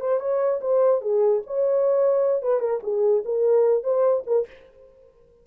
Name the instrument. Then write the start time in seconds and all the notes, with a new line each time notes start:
horn
0.00 C5
0.20 C#5
0.61 C5
1.01 G#4
1.47 C#5
2.42 B4
2.60 A#4
2.83 G#4
3.25 A#4
3.83 C5
4.26 A#4